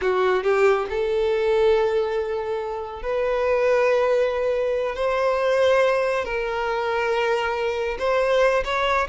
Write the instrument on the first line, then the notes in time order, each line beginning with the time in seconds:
violin
0.01 F#4
0.43 G4
0.89 A4
3.02 B4
4.95 C5
6.25 A#4
7.98 C5
8.64 C#5